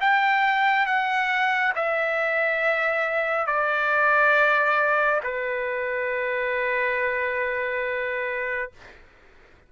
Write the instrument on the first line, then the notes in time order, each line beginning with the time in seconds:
trumpet
0.00 G5
0.86 F#5
1.75 E5
3.46 D5
5.23 B4